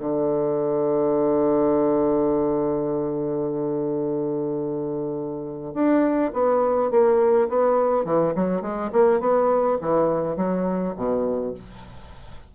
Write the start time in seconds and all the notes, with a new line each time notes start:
0.00 D3
5.74 D4
6.34 B3
6.91 A#3
7.49 B3
8.05 E3
8.35 F#3
8.62 G#3
8.93 A#3
9.20 B3
9.82 E3
10.37 F#3
10.96 B2